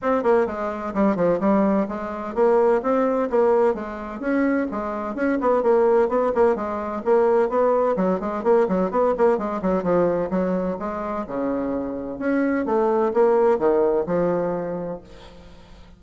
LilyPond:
\new Staff \with { instrumentName = "bassoon" } { \time 4/4 \tempo 4 = 128 c'8 ais8 gis4 g8 f8 g4 | gis4 ais4 c'4 ais4 | gis4 cis'4 gis4 cis'8 b8 | ais4 b8 ais8 gis4 ais4 |
b4 fis8 gis8 ais8 fis8 b8 ais8 | gis8 fis8 f4 fis4 gis4 | cis2 cis'4 a4 | ais4 dis4 f2 | }